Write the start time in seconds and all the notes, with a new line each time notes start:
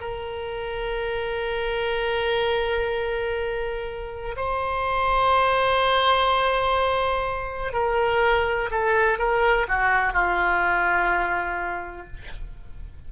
0.00 A#4
4.36 C5
7.72 A#4
8.70 A4
9.18 A#4
9.68 F#4
10.13 F4